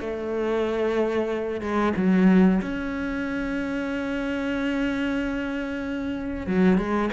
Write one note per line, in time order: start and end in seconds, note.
0.00 1.61 A3
1.61 1.93 G#3
1.96 2.61 F#3
2.62 6.47 C#4
6.47 6.77 F#3
6.77 7.10 G#3